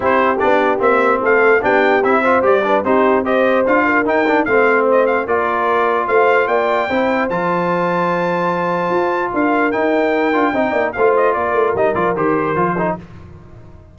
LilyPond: <<
  \new Staff \with { instrumentName = "trumpet" } { \time 4/4 \tempo 4 = 148 c''4 d''4 e''4 f''4 | g''4 e''4 d''4 c''4 | dis''4 f''4 g''4 f''4 | dis''8 f''8 d''2 f''4 |
g''2 a''2~ | a''2. f''4 | g''2. f''8 dis''8 | d''4 dis''8 d''8 c''2 | }
  \new Staff \with { instrumentName = "horn" } { \time 4/4 g'2. a'4 | g'4. c''4 b'8 g'4 | c''4. ais'4. c''4~ | c''4 ais'2 c''4 |
d''4 c''2.~ | c''2. ais'4~ | ais'2 dis''8 d''8 c''4 | ais'2.~ ais'8 a'8 | }
  \new Staff \with { instrumentName = "trombone" } { \time 4/4 e'4 d'4 c'2 | d'4 e'8 f'8 g'8 d'8 dis'4 | g'4 f'4 dis'8 d'8 c'4~ | c'4 f'2.~ |
f'4 e'4 f'2~ | f'1 | dis'4. f'8 dis'4 f'4~ | f'4 dis'8 f'8 g'4 f'8 dis'8 | }
  \new Staff \with { instrumentName = "tuba" } { \time 4/4 c'4 b4 ais4 a4 | b4 c'4 g4 c'4~ | c'4 d'4 dis'4 a4~ | a4 ais2 a4 |
ais4 c'4 f2~ | f2 f'4 d'4 | dis'4. d'8 c'8 ais8 a4 | ais8 a8 g8 f8 dis4 f4 | }
>>